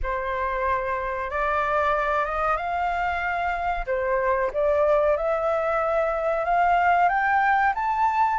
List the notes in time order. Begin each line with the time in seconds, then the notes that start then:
0.03 C5
1.30 D5
2.25 D#5
2.56 F5
3.86 C5
4.53 D5
5.16 E5
6.44 F5
7.08 G5
7.74 A5